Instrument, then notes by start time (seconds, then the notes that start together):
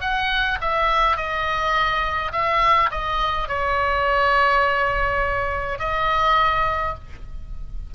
oboe
0.00 F#5
0.61 E5
1.16 D#5
2.32 E5
2.91 D#5
3.48 C#5
5.78 D#5